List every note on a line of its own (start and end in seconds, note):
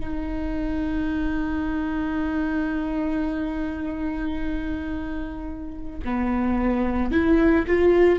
0.00 6.00 D#4
6.04 7.11 B3
7.11 7.66 E4
7.67 8.19 F4